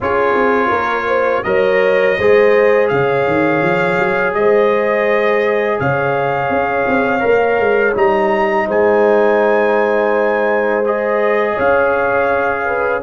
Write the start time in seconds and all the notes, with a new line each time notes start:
0.00 C#4 F4 G#4 C#5
0.34 C4
0.68 A#3 A#4
1.07 C5
1.43 F#3 A#4 C#5 D#5
2.18 G#3 G#4 C5
2.88 C#3 C#5 F5
3.27 D#3
3.62 F3
3.98 F#3
4.34 G#3 C5 D#5
5.79 C#3 C#5 F5
6.49 C#4
6.87 C4
7.20 A#3 A#4
7.59 G#3
7.94 G3 D#4 A#5
8.66 G#3 C5 G#5
10.85 G#4 D#5
11.54 C#4 C#5 F5
12.65 B4